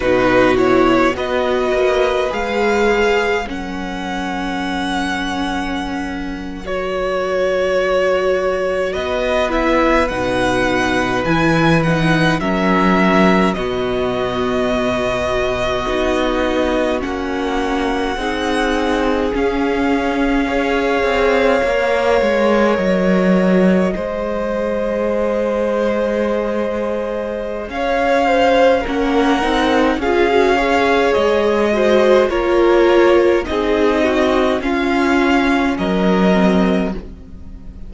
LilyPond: <<
  \new Staff \with { instrumentName = "violin" } { \time 4/4 \tempo 4 = 52 b'8 cis''8 dis''4 f''4 fis''4~ | fis''4.~ fis''16 cis''2 dis''16~ | dis''16 e''8 fis''4 gis''8 fis''8 e''4 dis''16~ | dis''2~ dis''8. fis''4~ fis''16~ |
fis''8. f''2. dis''16~ | dis''1 | f''4 fis''4 f''4 dis''4 | cis''4 dis''4 f''4 dis''4 | }
  \new Staff \with { instrumentName = "violin" } { \time 4/4 fis'4 b'2 ais'4~ | ais'2.~ ais'8. b'16~ | b'2~ b'8. ais'4 fis'16~ | fis'2.~ fis'8. gis'16~ |
gis'4.~ gis'16 cis''2~ cis''16~ | cis''8. c''2.~ c''16 | cis''8 c''8 ais'4 gis'8 cis''4 c''8 | ais'4 gis'8 fis'8 f'4 ais'4 | }
  \new Staff \with { instrumentName = "viola" } { \time 4/4 dis'8 e'8 fis'4 gis'4 cis'4~ | cis'4.~ cis'16 fis'2~ fis'16~ | fis'16 e'8 dis'4 e'8 dis'8 cis'4 b16~ | b4.~ b16 dis'4 cis'4 dis'16~ |
dis'8. cis'4 gis'4 ais'4~ ais'16~ | ais'8. gis'2.~ gis'16~ | gis'4 cis'8 dis'8 f'16 fis'16 gis'4 fis'8 | f'4 dis'4 cis'4. c'8 | }
  \new Staff \with { instrumentName = "cello" } { \time 4/4 b,4 b8 ais8 gis4 fis4~ | fis2.~ fis8. b16~ | b8. b,4 e4 fis4 b,16~ | b,4.~ b,16 b4 ais4 c'16~ |
c'8. cis'4. c'8 ais8 gis8 fis16~ | fis8. gis2.~ gis16 | cis'4 ais8 c'8 cis'4 gis4 | ais4 c'4 cis'4 fis4 | }
>>